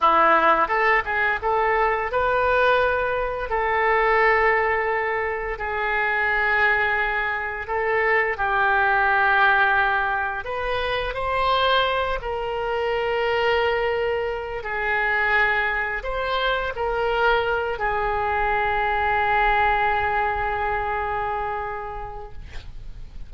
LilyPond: \new Staff \with { instrumentName = "oboe" } { \time 4/4 \tempo 4 = 86 e'4 a'8 gis'8 a'4 b'4~ | b'4 a'2. | gis'2. a'4 | g'2. b'4 |
c''4. ais'2~ ais'8~ | ais'4 gis'2 c''4 | ais'4. gis'2~ gis'8~ | gis'1 | }